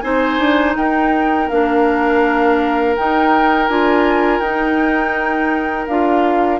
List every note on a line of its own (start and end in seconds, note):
0.00 0.39 C4
0.00 1.50 D#4
0.00 0.77 C5
0.00 0.73 G#5
0.39 0.75 D4
0.76 1.49 D#4
0.76 6.60 A#4
0.76 1.49 G5
1.49 2.97 A#3
1.49 2.97 D4
1.49 2.95 F5
2.96 3.69 D#4
2.96 3.68 D#4
2.96 3.68 G5
3.68 4.40 D4
3.68 4.42 F4
3.68 4.39 G#5
4.39 5.86 D#4
4.39 5.89 D#4
4.39 5.86 G5
5.87 6.60 D4
5.87 6.60 F4
5.87 6.60 F5